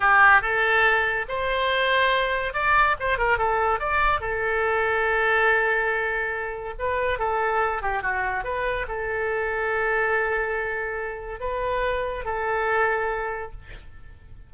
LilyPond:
\new Staff \with { instrumentName = "oboe" } { \time 4/4 \tempo 4 = 142 g'4 a'2 c''4~ | c''2 d''4 c''8 ais'8 | a'4 d''4 a'2~ | a'1 |
b'4 a'4. g'8 fis'4 | b'4 a'2.~ | a'2. b'4~ | b'4 a'2. | }